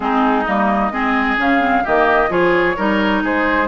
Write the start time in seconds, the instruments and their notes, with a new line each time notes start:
0.00 bassoon G#3, clarinet C4, oboe D#4, flute G#4
0.45 bassoon G3, clarinet A#3, flute D#5
0.91 bassoon G#3, clarinet C4, oboe G#4
1.37 bassoon C#3, clarinet C#4, flute F5
1.60 clarinet C4
1.83 bassoon D#3, clarinet A#3, oboe G4, flute D#5
2.29 bassoon F3, clarinet F4, oboe G#4, flute C#5
2.76 bassoon G3, clarinet D#4, oboe A#4
3.23 bassoon G#3, oboe G#4, flute C5